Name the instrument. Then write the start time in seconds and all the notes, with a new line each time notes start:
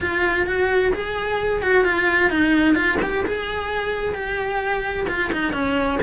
cello
0.00 F4
0.46 F#4
0.93 G#4
1.62 F#4
1.84 F4
2.30 D#4
2.75 F4
3.02 G4
3.26 G#4
4.14 G4
5.08 F4
5.32 D#4
5.52 C#4